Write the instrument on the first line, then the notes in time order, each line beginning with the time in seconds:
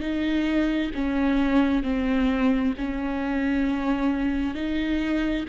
viola
0.00 D#4
0.94 C#4
1.82 C4
2.77 C#4
4.54 D#4